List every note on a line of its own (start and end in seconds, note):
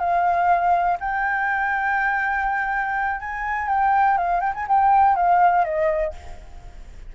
0.00 0.98 F5
1.00 3.21 G5
3.21 3.69 G#5
3.69 4.18 G5
4.18 4.41 F5
4.41 4.53 G5
4.55 4.67 G#5
4.69 5.16 G5
5.16 5.65 F5
5.65 6.14 D#5